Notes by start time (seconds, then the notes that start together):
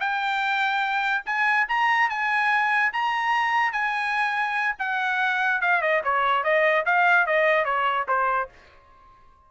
0.00 G5
1.26 G#5
1.69 A#5
2.10 G#5
2.93 A#5
3.72 G#5
4.79 F#5
5.61 F5
5.82 D#5
6.04 C#5
6.44 D#5
6.86 F5
7.26 D#5
7.65 C#5
8.08 C5